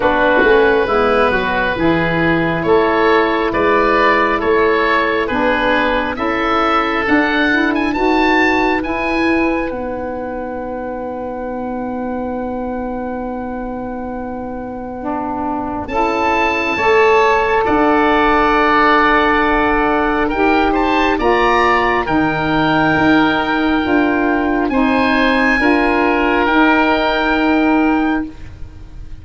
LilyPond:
<<
  \new Staff \with { instrumentName = "oboe" } { \time 4/4 \tempo 4 = 68 b'2. cis''4 | d''4 cis''4 b'4 e''4 | fis''8. gis''16 a''4 gis''4 fis''4~ | fis''1~ |
fis''2 a''2 | fis''2. g''8 a''8 | ais''4 g''2. | gis''2 g''2 | }
  \new Staff \with { instrumentName = "oboe" } { \time 4/4 fis'4 e'8 fis'8 gis'4 a'4 | b'4 a'4 gis'4 a'4~ | a'4 b'2.~ | b'1~ |
b'2 a'4 cis''4 | d''2. ais'8 c''8 | d''4 ais'2. | c''4 ais'2. | }
  \new Staff \with { instrumentName = "saxophone" } { \time 4/4 d'8 cis'8 b4 e'2~ | e'2 d'4 e'4 | d'8 e'8 fis'4 e'4 dis'4~ | dis'1~ |
dis'4 d'4 e'4 a'4~ | a'2. g'4 | f'4 dis'2 f'4 | dis'4 f'4 dis'2 | }
  \new Staff \with { instrumentName = "tuba" } { \time 4/4 b8 a8 gis8 fis8 e4 a4 | gis4 a4 b4 cis'4 | d'4 dis'4 e'4 b4~ | b1~ |
b2 cis'4 a4 | d'2. dis'4 | ais4 dis4 dis'4 d'4 | c'4 d'4 dis'2 | }
>>